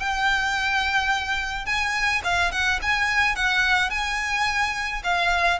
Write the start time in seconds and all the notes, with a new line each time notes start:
0.00 G5
1.66 G#5
2.24 F5
2.52 F#5
2.83 G#5
3.36 F#5
3.91 G#5
5.04 F5